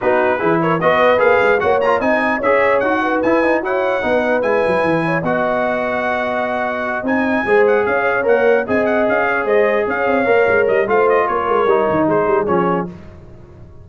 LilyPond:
<<
  \new Staff \with { instrumentName = "trumpet" } { \time 4/4 \tempo 4 = 149 b'4. cis''8 dis''4 f''4 | fis''8 ais''8 gis''4 e''4 fis''4 | gis''4 fis''2 gis''4~ | gis''4 fis''2.~ |
fis''4. gis''4. fis''8 f''8~ | f''8 fis''4 gis''8 fis''8 f''4 dis''8~ | dis''8 f''2 dis''8 f''8 dis''8 | cis''2 c''4 cis''4 | }
  \new Staff \with { instrumentName = "horn" } { \time 4/4 fis'4 gis'8 ais'8 b'2 | cis''4 dis''4 cis''4. b'8~ | b'4 cis''4 b'2~ | b'8 cis''8 dis''2.~ |
dis''2~ dis''8 c''4 cis''8~ | cis''4. dis''4. cis''8 c''8~ | c''8 cis''2~ cis''8 c''4 | ais'2 gis'2 | }
  \new Staff \with { instrumentName = "trombone" } { \time 4/4 dis'4 e'4 fis'4 gis'4 | fis'8 f'8 dis'4 gis'4 fis'4 | e'8 dis'8 e'4 dis'4 e'4~ | e'4 fis'2.~ |
fis'4. dis'4 gis'4.~ | gis'8 ais'4 gis'2~ gis'8~ | gis'4. ais'4. f'4~ | f'4 dis'2 cis'4 | }
  \new Staff \with { instrumentName = "tuba" } { \time 4/4 b4 e4 b4 ais8 gis8 | ais4 c'4 cis'4 dis'4 | e'4 fis'4 b4 gis8 fis8 | e4 b2.~ |
b4. c'4 gis4 cis'8~ | cis'8 ais4 c'4 cis'4 gis8~ | gis8 cis'8 c'8 ais8 gis8 g8 a4 | ais8 gis8 g8 dis8 gis8 g8 f4 | }
>>